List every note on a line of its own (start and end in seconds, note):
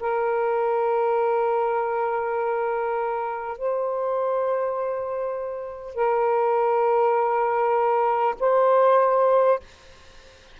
0.00 3.57 A#4
3.57 5.95 C5
5.95 8.35 A#4
8.39 9.59 C5